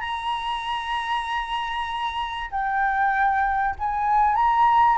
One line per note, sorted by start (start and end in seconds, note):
0.00 2.50 A#5
2.50 3.75 G5
3.78 4.35 G#5
4.35 4.97 A#5